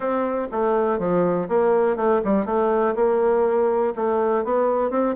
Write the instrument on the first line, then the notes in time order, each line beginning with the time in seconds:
bassoon
0.00 C4
0.51 A3
0.98 F3
1.48 A#3
1.96 A3
2.24 G3
2.45 A3
2.95 A#3
3.95 A3
4.44 B3
4.90 C4